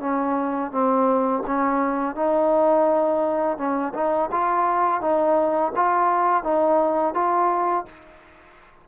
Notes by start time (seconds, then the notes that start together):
0.00 C#4
0.72 C4
1.47 C#4
2.16 D#4
3.57 C#4
3.94 D#4
4.32 F4
5.01 D#4
5.76 F4
6.44 D#4
7.14 F4